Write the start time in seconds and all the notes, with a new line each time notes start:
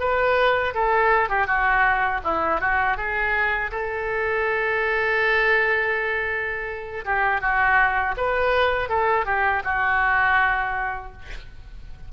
0.00 B4
0.74 A4
1.29 G4
1.46 F#4
2.24 E4
2.61 F#4
2.97 G#4
3.71 A4
7.05 G4
7.41 F#4
8.17 B4
8.89 A4
9.26 G4
9.64 F#4